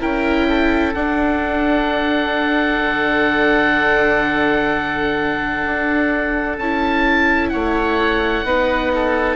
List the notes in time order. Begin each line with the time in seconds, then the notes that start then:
0.00 C#4 E4 A#4 G5
0.48 A4
0.94 D4 F#5
2.84 D3
5.65 D4
6.58 C#4 E4 A5
7.49 A3 C#5 F#5
8.44 B3 D#4 B4
8.94 A4